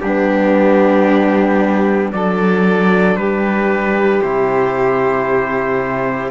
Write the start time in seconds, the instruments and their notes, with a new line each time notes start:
0.00 cello G3, trombone B3, violin D4, trumpet G4
2.12 cello F#3, trombone D4, violin A4, trumpet D5
3.16 cello G3, violin G4, trumpet B4
4.21 cello C3, trombone E4, trumpet C5